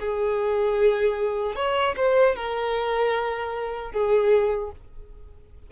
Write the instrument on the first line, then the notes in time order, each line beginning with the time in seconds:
violin
0.00 G#4
1.56 C#5
1.97 C5
2.36 A#4
3.92 G#4